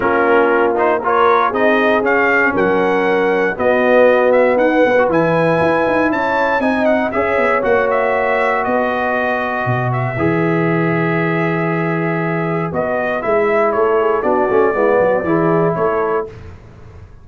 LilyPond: <<
  \new Staff \with { instrumentName = "trumpet" } { \time 4/4 \tempo 4 = 118 ais'4. c''8 cis''4 dis''4 | f''4 fis''2 dis''4~ | dis''8 e''8 fis''4 gis''2 | a''4 gis''8 fis''8 e''4 fis''8 e''8~ |
e''4 dis''2~ dis''8 e''8~ | e''1~ | e''4 dis''4 e''4 cis''4 | d''2. cis''4 | }
  \new Staff \with { instrumentName = "horn" } { \time 4/4 f'2 ais'4 gis'4~ | gis'4 ais'2 fis'4~ | fis'4 b'2. | cis''4 dis''4 cis''2~ |
cis''4 b'2.~ | b'1~ | b'2. a'8 gis'8 | fis'4 e'8 fis'8 gis'4 a'4 | }
  \new Staff \with { instrumentName = "trombone" } { \time 4/4 cis'4. dis'8 f'4 dis'4 | cis'2. b4~ | b4.~ b16 fis'16 e'2~ | e'4 dis'4 gis'4 fis'4~ |
fis'1 | gis'1~ | gis'4 fis'4 e'2 | d'8 cis'8 b4 e'2 | }
  \new Staff \with { instrumentName = "tuba" } { \time 4/4 ais2. c'4 | cis'4 fis2 b4~ | b4 dis'8 b8 e4 e'8 dis'8 | cis'4 c'4 cis'8 b8 ais4~ |
ais4 b2 b,4 | e1~ | e4 b4 gis4 a4 | b8 a8 gis8 fis8 e4 a4 | }
>>